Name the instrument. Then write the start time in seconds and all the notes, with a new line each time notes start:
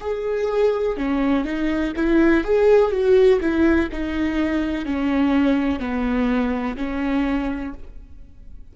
viola
0.00 G#4
0.97 C#4
1.45 D#4
1.96 E4
2.44 G#4
2.92 F#4
3.41 E4
3.92 D#4
4.86 C#4
5.79 B3
6.77 C#4